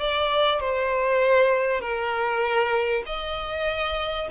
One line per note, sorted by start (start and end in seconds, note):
0.00 0.60 D5
0.60 1.81 C5
1.81 3.03 A#4
3.06 4.28 D#5